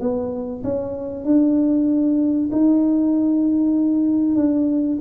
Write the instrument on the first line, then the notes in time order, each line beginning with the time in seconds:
tuba
0.00 B3
0.64 C#4
1.24 D4
2.51 D#4
4.35 D4